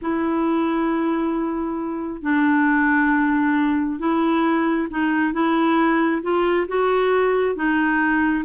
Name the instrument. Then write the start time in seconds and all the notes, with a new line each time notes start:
clarinet
0.01 E4
2.22 D4
3.99 E4
4.90 D#4
5.33 E4
6.22 F4
6.68 F#4
7.55 D#4